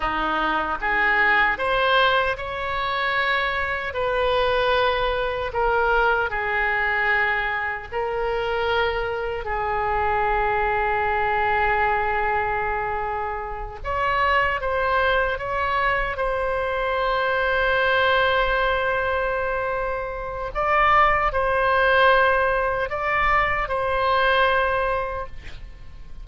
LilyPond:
\new Staff \with { instrumentName = "oboe" } { \time 4/4 \tempo 4 = 76 dis'4 gis'4 c''4 cis''4~ | cis''4 b'2 ais'4 | gis'2 ais'2 | gis'1~ |
gis'4. cis''4 c''4 cis''8~ | cis''8 c''2.~ c''8~ | c''2 d''4 c''4~ | c''4 d''4 c''2 | }